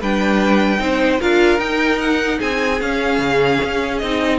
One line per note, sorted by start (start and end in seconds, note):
0.00 0.79 G3
0.00 0.78 D4
0.00 0.80 B4
0.00 1.21 G5
0.78 1.19 C4
0.78 1.18 D#4
0.78 1.20 C5
1.20 1.58 D4
1.20 1.58 F4
1.20 2.38 A#4
1.20 1.59 F5
1.58 2.78 D#4
1.58 2.38 D#4
1.58 1.99 G5
1.99 2.39 F#5
2.38 2.81 C4
2.38 4.38 G#4
2.38 2.81 G#5
2.81 3.18 C#4
2.81 4.03 C#4
2.81 3.98 F5
3.18 3.58 C#3
3.63 4.02 C#4
3.98 4.39 C4
3.98 4.39 D#4
3.98 4.38 D#5